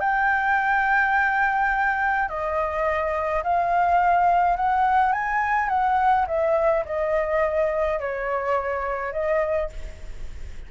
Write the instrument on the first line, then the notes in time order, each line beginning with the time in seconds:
flute
0.00 G5
2.29 D#5
3.43 F5
4.56 F#5
5.12 G#5
5.69 F#5
6.27 E5
6.85 D#5
7.99 C#5
9.12 D#5